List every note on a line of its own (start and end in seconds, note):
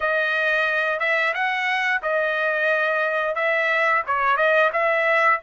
0.00 0.99 D#5
0.99 1.33 E5
1.34 2.01 F#5
2.02 3.35 D#5
3.35 4.02 E5
4.06 4.36 C#5
4.36 4.70 D#5
4.72 5.40 E5